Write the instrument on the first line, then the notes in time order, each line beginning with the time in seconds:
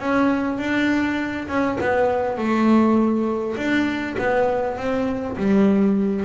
double bass
0.00 C#4
0.59 D4
1.48 C#4
1.81 B3
2.38 A3
3.57 D4
4.19 B3
4.78 C4
5.37 G3